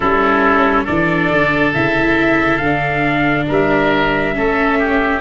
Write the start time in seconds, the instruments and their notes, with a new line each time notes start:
0.00 tuba G3, viola C#4, oboe E4, trumpet A4
0.84 tuba E3, viola D4, oboe A4, trumpet D5
1.30 tuba D3
1.74 tuba C#3, viola E4, trumpet E5
2.57 tuba D3, trumpet F5
2.63 viola D4
3.47 tuba G3, oboe A#4, trumpet E5
4.33 tuba A3, viola C#4, oboe A4
4.78 oboe G4